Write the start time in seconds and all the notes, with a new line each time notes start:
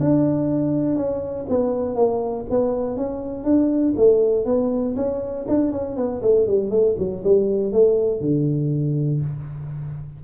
0.00 D4
0.96 C#4
1.49 B3
1.95 A#3
2.50 B3
2.97 C#4
3.44 D4
3.97 A3
4.45 B3
4.96 C#4
5.48 D4
5.72 C#4
5.97 B3
6.22 A3
6.47 G3
6.70 A3
6.98 F#3
7.24 G3
7.72 A3
8.21 D3